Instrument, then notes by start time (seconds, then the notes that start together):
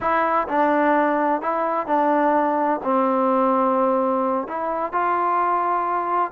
trombone
0.00 E4
0.48 D4
1.41 E4
1.86 D4
2.83 C4
4.47 E4
4.92 F4